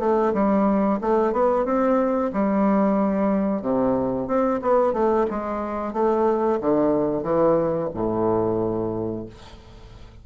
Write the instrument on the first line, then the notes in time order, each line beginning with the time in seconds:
bassoon
0.00 A3
0.34 G3
1.01 A3
1.33 B3
1.65 C4
2.33 G3
3.62 C3
4.28 C4
4.62 B3
4.93 A3
5.30 G#3
5.93 A3
6.61 D3
7.23 E3
7.94 A2